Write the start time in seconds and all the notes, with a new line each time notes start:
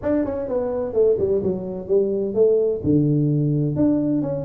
0.02 D4
0.25 C#4
0.48 B3
0.93 A3
1.18 G3
1.42 F#3
1.87 G3
2.34 A3
2.83 D3
3.75 D4
4.22 C#4